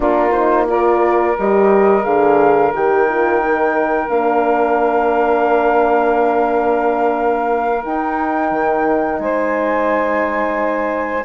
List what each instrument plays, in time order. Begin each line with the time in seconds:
0.00 bassoon A#3, horn D4, saxophone F4, flute A#4
0.31 horn D#4, flute C5
0.67 horn F4, saxophone A#4, flute D5
1.38 bassoon G3, horn G4, flute D#5
2.02 bassoon D3, horn G#4, flute F5
2.73 bassoon D#3, horn G4, flute G5
3.08 horn F4
3.42 horn D#4
4.08 bassoon A#3, horn D4, flute F5
7.82 horn D#4, bassoon D#4, flute G5
8.51 bassoon D#3
9.19 bassoon G#3, saxophone C5, flute G#5